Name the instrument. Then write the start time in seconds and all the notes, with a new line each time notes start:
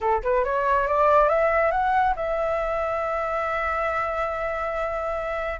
flute
0.00 A4
0.23 B4
0.44 C#5
0.87 D5
1.28 E5
1.71 F#5
2.16 E5